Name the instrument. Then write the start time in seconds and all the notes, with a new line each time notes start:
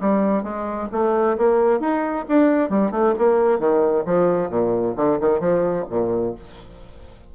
bassoon
0.00 G3
0.43 G#3
0.91 A3
1.37 A#3
1.80 D#4
2.28 D4
2.69 G3
2.91 A3
3.18 A#3
3.59 D#3
4.05 F3
4.49 A#2
4.96 D3
5.20 D#3
5.40 F3
5.89 A#2